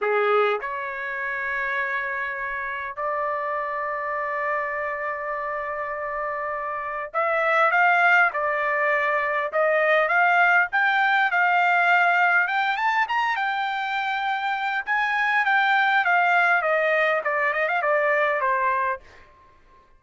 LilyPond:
\new Staff \with { instrumentName = "trumpet" } { \time 4/4 \tempo 4 = 101 gis'4 cis''2.~ | cis''4 d''2.~ | d''1 | e''4 f''4 d''2 |
dis''4 f''4 g''4 f''4~ | f''4 g''8 a''8 ais''8 g''4.~ | g''4 gis''4 g''4 f''4 | dis''4 d''8 dis''16 f''16 d''4 c''4 | }